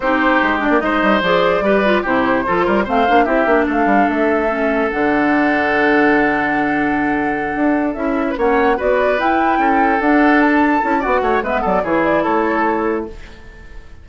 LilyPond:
<<
  \new Staff \with { instrumentName = "flute" } { \time 4/4 \tempo 4 = 147 c''4. d''8 dis''4 d''4~ | d''4 c''2 f''4 | e''4 f''4 e''2 | fis''1~ |
fis''2.~ fis''8 e''8~ | e''8 fis''4 d''4 g''4.~ | g''8 fis''4 a''4. fis''4 | e''8 d''8 cis''8 d''8 cis''2 | }
  \new Staff \with { instrumentName = "oboe" } { \time 4/4 g'2 c''2 | b'4 g'4 a'8 ais'8 c''4 | g'4 a'2.~ | a'1~ |
a'1~ | a'16 b'16 cis''4 b'2 a'8~ | a'2. d''8 cis''8 | b'8 a'8 gis'4 a'2 | }
  \new Staff \with { instrumentName = "clarinet" } { \time 4/4 dis'4. d'8 dis'4 gis'4 | g'8 f'8 e'4 f'4 c'8 d'8 | e'8 d'2~ d'8 cis'4 | d'1~ |
d'2.~ d'8 e'8~ | e'8 cis'4 fis'4 e'4.~ | e'8 d'2 e'8 fis'4 | b4 e'2. | }
  \new Staff \with { instrumentName = "bassoon" } { \time 4/4 c'4 gis8. ais16 gis8 g8 f4 | g4 c4 f8 g8 a8 ais8 | c'8 ais8 a8 g8 a2 | d1~ |
d2~ d8 d'4 cis'8~ | cis'8 ais4 b4 e'4 cis'8~ | cis'8 d'2 cis'8 b8 a8 | gis8 fis8 e4 a2 | }
>>